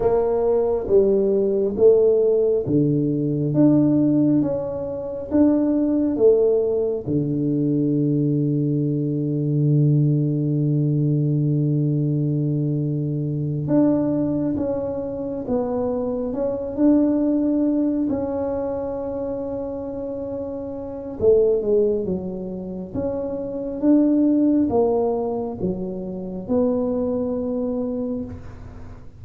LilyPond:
\new Staff \with { instrumentName = "tuba" } { \time 4/4 \tempo 4 = 68 ais4 g4 a4 d4 | d'4 cis'4 d'4 a4 | d1~ | d2.~ d8 d'8~ |
d'8 cis'4 b4 cis'8 d'4~ | d'8 cis'2.~ cis'8 | a8 gis8 fis4 cis'4 d'4 | ais4 fis4 b2 | }